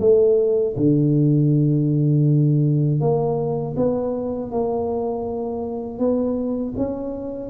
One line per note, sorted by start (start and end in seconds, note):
0.00 0.75 A3
0.76 3.00 D3
3.00 3.75 A#3
3.76 4.51 B3
4.51 5.99 A#3
5.99 6.74 B3
6.77 7.50 C#4